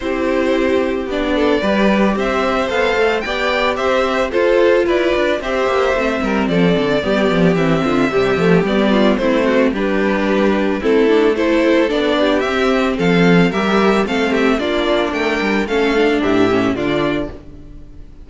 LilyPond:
<<
  \new Staff \with { instrumentName = "violin" } { \time 4/4 \tempo 4 = 111 c''2 d''2 | e''4 f''4 g''4 e''4 | c''4 d''4 e''2 | d''2 e''2 |
d''4 c''4 b'2 | a'4 c''4 d''4 e''4 | f''4 e''4 f''8 e''8 d''4 | g''4 f''4 e''4 d''4 | }
  \new Staff \with { instrumentName = "violin" } { \time 4/4 g'2~ g'8 a'8 b'4 | c''2 d''4 c''4 | a'4 b'4 c''4. ais'8 | a'4 g'4. f'8 g'4~ |
g'8 f'8 e'8 fis'8 g'2 | e'4 a'4. g'4. | a'4 ais'4 a'8 g'8 f'4 | ais'4 a'4 g'4 f'4 | }
  \new Staff \with { instrumentName = "viola" } { \time 4/4 e'2 d'4 g'4~ | g'4 a'4 g'2 | f'2 g'4 c'4~ | c'4 b4 c'4 g8 a8 |
b4 c'4 d'2 | c'8 d'8 e'4 d'4 c'4~ | c'4 g'4 c'4 d'4~ | d'4 cis'8 d'4 cis'8 d'4 | }
  \new Staff \with { instrumentName = "cello" } { \time 4/4 c'2 b4 g4 | c'4 b8 a8 b4 c'4 | f'4 e'8 d'8 c'8 ais8 a8 g8 | f8 d8 g8 f8 e8 d8 c8 f8 |
g4 a4 g2 | a2 b4 c'4 | f4 g4 a4 ais4 | a8 g8 a4 a,4 d4 | }
>>